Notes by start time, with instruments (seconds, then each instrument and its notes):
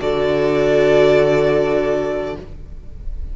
0.00 cello D3, viola F#4, violin A4 D5